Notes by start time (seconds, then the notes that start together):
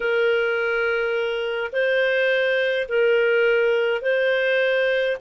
0.00 A#4
1.72 C5
2.88 A#4
4.01 C5